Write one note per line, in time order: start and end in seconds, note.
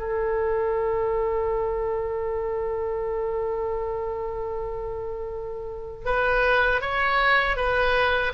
0.00 6.06 A4
6.06 6.81 B4
6.81 7.57 C#5
7.57 8.33 B4